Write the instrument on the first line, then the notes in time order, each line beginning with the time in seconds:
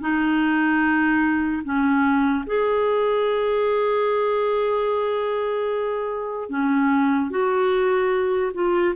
clarinet
0.00 D#4
1.63 C#4
2.46 G#4
6.49 C#4
7.30 F#4
8.54 F4